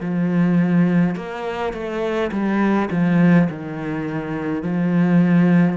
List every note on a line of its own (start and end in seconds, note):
0.00 1.15 F3
1.15 1.73 A#3
1.73 2.31 A3
2.31 2.89 G3
2.91 3.48 F3
3.49 4.63 D#3
4.63 5.77 F3